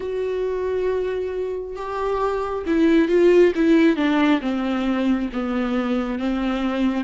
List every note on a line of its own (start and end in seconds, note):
0.00 1.76 F#4
1.76 2.64 G4
2.66 3.08 E4
3.08 3.52 F4
3.55 3.96 E4
3.96 4.40 D4
4.41 5.29 C4
5.32 6.18 B3
6.18 7.04 C4